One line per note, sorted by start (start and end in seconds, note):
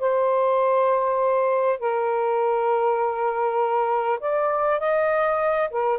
0.00 1.79 C5
1.79 4.19 A#4
4.21 4.80 D5
4.80 5.70 D#5
5.71 5.99 A#4